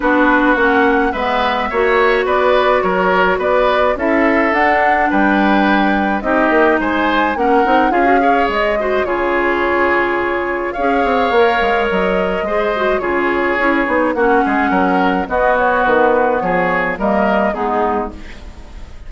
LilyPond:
<<
  \new Staff \with { instrumentName = "flute" } { \time 4/4 \tempo 4 = 106 b'4 fis''4 e''2 | d''4 cis''4 d''4 e''4 | fis''4 g''2 dis''4 | gis''4 fis''4 f''4 dis''4 |
cis''2. f''4~ | f''4 dis''2 cis''4~ | cis''4 fis''2 dis''8 cis''8 | b'4 cis''4 dis''4 gis'4 | }
  \new Staff \with { instrumentName = "oboe" } { \time 4/4 fis'2 b'4 cis''4 | b'4 ais'4 b'4 a'4~ | a'4 b'2 g'4 | c''4 ais'4 gis'8 cis''4 c''8 |
gis'2. cis''4~ | cis''2 c''4 gis'4~ | gis'4 fis'8 gis'8 ais'4 fis'4~ | fis'4 gis'4 ais'4 dis'4 | }
  \new Staff \with { instrumentName = "clarinet" } { \time 4/4 d'4 cis'4 b4 fis'4~ | fis'2. e'4 | d'2. dis'4~ | dis'4 cis'8 dis'8 f'16 fis'16 gis'4 fis'8 |
f'2. gis'4 | ais'2 gis'8 fis'8 f'4 | e'8 dis'8 cis'2 b4~ | b2 ais4 b4 | }
  \new Staff \with { instrumentName = "bassoon" } { \time 4/4 b4 ais4 gis4 ais4 | b4 fis4 b4 cis'4 | d'4 g2 c'8 ais8 | gis4 ais8 c'8 cis'4 gis4 |
cis2. cis'8 c'8 | ais8 gis8 fis4 gis4 cis4 | cis'8 b8 ais8 gis8 fis4 b4 | dis4 f4 g4 gis4 | }
>>